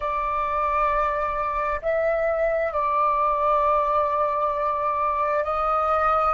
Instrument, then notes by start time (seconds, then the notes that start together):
flute
0.00 D5
1.81 E5
2.72 D5
5.43 D#5